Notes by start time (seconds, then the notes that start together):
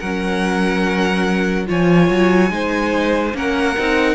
0.00 F#3 C#4 A#4 F#5
1.67 F3 F4 C#5 G#5
2.10 F#3
2.50 G#3 D#4 C5
3.34 A#3 C#4 A#4 F#5
3.78 C4 D#4